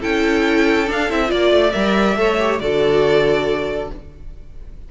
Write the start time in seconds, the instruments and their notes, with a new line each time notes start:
0.00 cello C#4, viola E4, violin A4 G5
0.87 viola D4, cello D4, violin F5
1.10 cello C4, viola E4, violin E5
1.27 cello A#3, viola F4, violin D5
1.52 cello A3
1.72 cello G3, viola A#4, violin E5
2.17 cello A3, viola A4, violin C#5
2.40 viola G4
2.60 cello D3, viola F#4, violin A4 D5